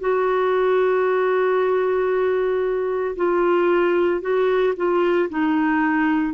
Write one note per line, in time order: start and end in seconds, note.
0.00 3.16 F#4
3.16 4.21 F4
4.21 4.74 F#4
4.77 5.29 F4
5.30 6.33 D#4